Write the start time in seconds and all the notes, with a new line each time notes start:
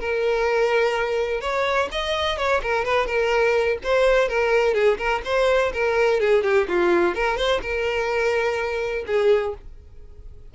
0.00 A#4
1.41 C#5
1.92 D#5
2.38 C#5
2.63 A#4
2.85 B4
3.07 A#4
3.84 C5
4.28 A#4
4.74 G#4
4.98 A#4
5.25 C5
5.73 A#4
6.20 G#4
6.44 G4
6.68 F4
7.15 A#4
7.37 C5
7.62 A#4
9.07 G#4